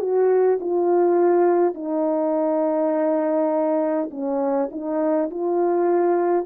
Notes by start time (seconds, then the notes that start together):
0.00 F#4
0.60 F4
1.74 D#4
4.11 C#4
4.71 D#4
5.30 F4